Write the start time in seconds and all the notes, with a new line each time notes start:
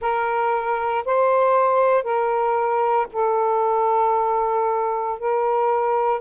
0.01 A#4
1.05 C5
2.03 A#4
3.12 A4
5.19 A#4